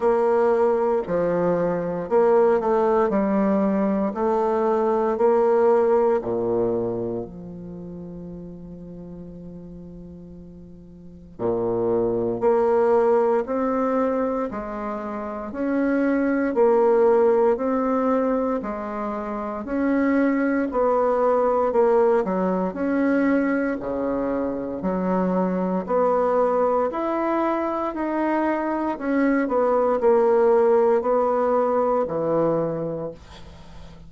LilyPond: \new Staff \with { instrumentName = "bassoon" } { \time 4/4 \tempo 4 = 58 ais4 f4 ais8 a8 g4 | a4 ais4 ais,4 f4~ | f2. ais,4 | ais4 c'4 gis4 cis'4 |
ais4 c'4 gis4 cis'4 | b4 ais8 fis8 cis'4 cis4 | fis4 b4 e'4 dis'4 | cis'8 b8 ais4 b4 e4 | }